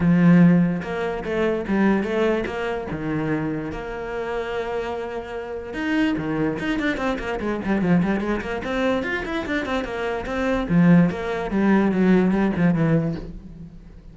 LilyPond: \new Staff \with { instrumentName = "cello" } { \time 4/4 \tempo 4 = 146 f2 ais4 a4 | g4 a4 ais4 dis4~ | dis4 ais2.~ | ais2 dis'4 dis4 |
dis'8 d'8 c'8 ais8 gis8 g8 f8 g8 | gis8 ais8 c'4 f'8 e'8 d'8 c'8 | ais4 c'4 f4 ais4 | g4 fis4 g8 f8 e4 | }